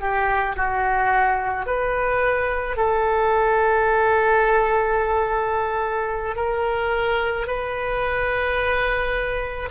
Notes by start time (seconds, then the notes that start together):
0.00 G4
0.56 F#4
1.66 B4
2.76 A4
6.35 A#4
7.46 B4